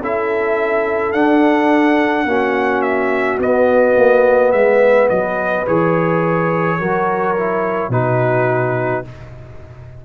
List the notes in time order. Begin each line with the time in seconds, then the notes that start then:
0.00 C#4 E4 A4 E5
1.12 D4 F#5
2.25 A#3 C#4 F#4
2.81 E5
3.38 B3 D#5
3.96 A#3
4.51 G#3 B4 E5
5.09 F#3 D#5
5.66 E3 G#4 C#5
6.79 F#3 F#4 A#4
7.36 E4
7.89 B2 D#4 F#4 B4